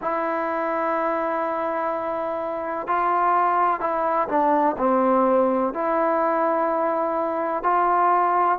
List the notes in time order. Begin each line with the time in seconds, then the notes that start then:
0.01 E4
2.87 F4
3.80 E4
4.28 D4
4.78 C4
5.73 E4
7.63 F4